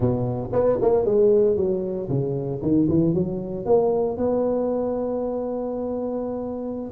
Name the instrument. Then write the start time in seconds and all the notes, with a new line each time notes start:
tuba
0.00 B2
0.52 B3
0.81 A#3
1.05 G#3
1.56 F#3
2.08 C#3
2.62 D#3
2.88 E3
3.14 F#3
3.65 A#3
4.17 B3